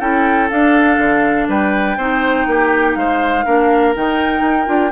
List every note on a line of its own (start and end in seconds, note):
0.00 0.50 C#4
0.00 0.49 E4
0.00 1.48 A4
0.00 0.49 G5
0.50 1.97 D4
0.50 0.98 D4
0.50 1.48 F5
0.98 1.47 D3
1.48 1.97 G3
1.48 1.97 B4
1.48 2.95 G5
1.97 2.46 C4
1.97 3.45 D#4
1.97 2.47 C5
2.46 2.96 A#3
2.46 2.98 G4
2.95 3.45 G#3
2.95 3.45 C5
2.95 3.93 F5
3.45 3.95 A#3
3.45 3.94 D4
3.45 4.91 A#4
3.94 4.41 D#3
3.94 4.66 D#4
3.94 4.91 G5
4.41 4.66 D#4
4.66 4.91 D4
4.66 4.90 F4